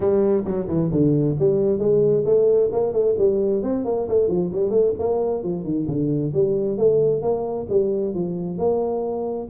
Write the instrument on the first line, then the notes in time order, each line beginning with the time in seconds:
tuba
0.00 G3
0.44 F#3
0.67 E3
0.91 D3
1.39 G3
1.78 G#3
2.25 A3
2.71 A#3
2.92 A3
3.17 G3
3.62 C4
3.85 A#3
4.08 A3
4.28 F3
4.52 G3
4.70 A3
4.98 A#3
5.43 F3
5.64 D#3
5.87 D3
6.33 G3
6.77 A3
7.21 A#3
7.69 G3
8.14 F3
8.58 A#3